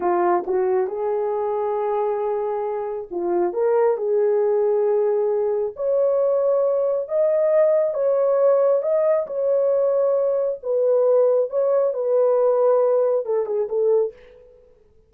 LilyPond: \new Staff \with { instrumentName = "horn" } { \time 4/4 \tempo 4 = 136 f'4 fis'4 gis'2~ | gis'2. f'4 | ais'4 gis'2.~ | gis'4 cis''2. |
dis''2 cis''2 | dis''4 cis''2. | b'2 cis''4 b'4~ | b'2 a'8 gis'8 a'4 | }